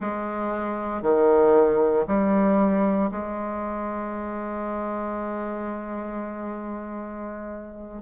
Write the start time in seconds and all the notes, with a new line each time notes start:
0.00 G#3
1.02 D#3
2.07 G3
3.11 G#3